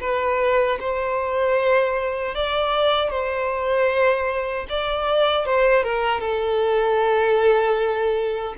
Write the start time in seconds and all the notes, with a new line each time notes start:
0.00 B4
0.80 C5
2.34 D5
3.10 C5
4.69 D5
5.45 C5
5.83 A#4
6.20 A4